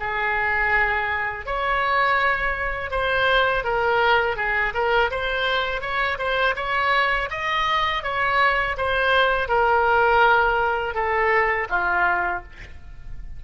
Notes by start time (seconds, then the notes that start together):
0.00 G#4
1.47 C#5
2.91 C5
3.65 A#4
4.37 G#4
4.74 A#4
5.11 C5
5.82 C#5
6.19 C5
6.57 C#5
7.31 D#5
8.04 C#5
8.78 C5
9.49 A#4
10.95 A4
11.70 F4